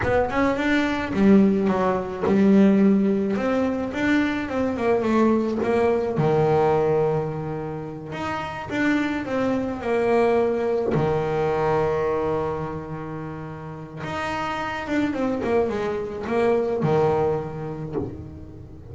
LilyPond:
\new Staff \with { instrumentName = "double bass" } { \time 4/4 \tempo 4 = 107 b8 cis'8 d'4 g4 fis4 | g2 c'4 d'4 | c'8 ais8 a4 ais4 dis4~ | dis2~ dis8 dis'4 d'8~ |
d'8 c'4 ais2 dis8~ | dis1~ | dis4 dis'4. d'8 c'8 ais8 | gis4 ais4 dis2 | }